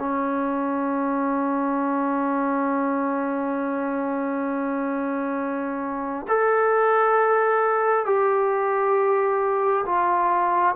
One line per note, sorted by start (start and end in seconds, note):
0.00 6.27 C#4
6.28 8.06 A4
8.06 9.85 G4
9.86 10.76 F4